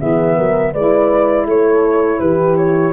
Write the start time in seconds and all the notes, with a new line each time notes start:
0.00 E3 B3 G#4 E5
0.37 F#3 A#4
0.73 G#3 E4 B4 D5
1.46 A3 A4 C#5
2.20 E3 G4 B4
2.57 C#5